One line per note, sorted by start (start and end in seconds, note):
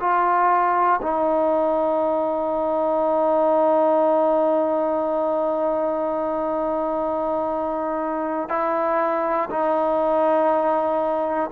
0.00 1.00 F4
1.01 8.49 D#4
8.49 9.49 E4
9.50 11.50 D#4